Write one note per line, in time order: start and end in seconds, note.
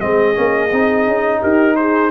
0.00 0.37 G#3
0.00 0.34 C4
0.00 1.40 G#4
0.00 1.41 D#5
0.34 0.72 A#3
0.34 0.69 C#4
0.72 1.07 C4
0.72 2.11 D#4
1.07 1.42 C#4
1.40 2.11 D#4
1.40 1.75 G4
1.40 1.76 A#4
1.76 2.11 G#4
1.76 2.11 C5